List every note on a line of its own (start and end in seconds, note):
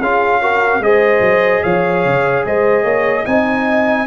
0.00 0.80 C#4
0.00 0.42 F4
0.00 0.41 G#4
0.00 0.83 F5
0.42 0.82 F#4
0.42 0.82 A#4
0.80 1.20 G#3
0.80 3.26 G#4
0.80 1.64 C5
0.80 1.63 D#5
1.20 1.61 F#3
1.63 2.05 F3
1.63 2.45 C#5
1.63 2.44 F5
2.05 2.45 C#3
2.45 2.84 G#3
2.45 2.83 C5
2.45 3.26 D#5
2.83 3.24 A#3
2.83 3.24 C#5
3.25 4.07 C4
3.25 4.07 D#4
3.25 4.06 D#5
3.25 4.07 G#5